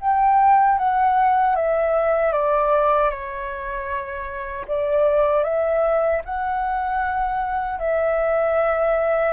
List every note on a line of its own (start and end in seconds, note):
0.00 0.78 G5
0.78 1.55 F#5
1.55 2.32 E5
2.32 3.10 D5
3.10 4.65 C#5
4.67 5.43 D5
5.43 6.21 E5
6.24 7.79 F#5
7.79 9.33 E5